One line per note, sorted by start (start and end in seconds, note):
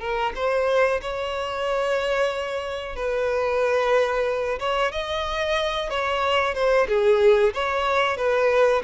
0.00 0.33 A#4
0.36 1.01 C5
1.02 2.96 C#5
2.96 4.59 B4
4.59 4.92 C#5
4.92 5.90 D#5
5.90 6.55 C#5
6.55 6.87 C5
6.88 7.54 G#4
7.54 8.17 C#5
8.17 8.83 B4